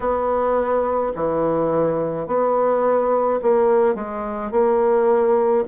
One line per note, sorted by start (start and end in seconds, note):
0.00 1.12 B3
1.15 2.26 E3
2.26 3.40 B3
3.42 3.95 A#3
3.95 4.51 G#3
4.51 5.64 A#3